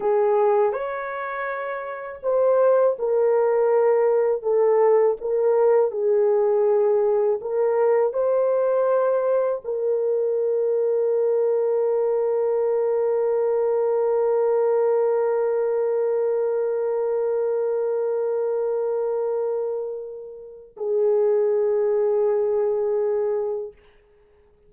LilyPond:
\new Staff \with { instrumentName = "horn" } { \time 4/4 \tempo 4 = 81 gis'4 cis''2 c''4 | ais'2 a'4 ais'4 | gis'2 ais'4 c''4~ | c''4 ais'2.~ |
ais'1~ | ais'1~ | ais'1 | gis'1 | }